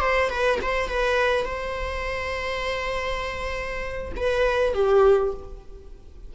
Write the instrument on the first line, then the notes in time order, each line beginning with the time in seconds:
viola
0.00 C5
0.30 B4
0.62 C5
0.89 B4
1.45 C5
4.16 B4
4.74 G4